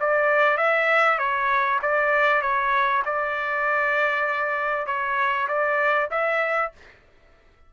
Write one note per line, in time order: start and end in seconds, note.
0.00 0.57 D5
0.57 1.18 E5
1.18 1.79 C#5
1.82 2.42 D5
2.42 3.03 C#5
3.05 4.86 D5
4.86 5.47 C#5
5.48 6.09 D5
6.11 6.72 E5